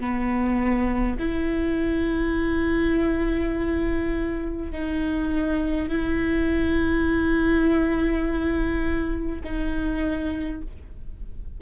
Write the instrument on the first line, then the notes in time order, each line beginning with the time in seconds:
viola
0.00 B3
1.19 E4
4.72 D#4
5.89 E4
9.44 D#4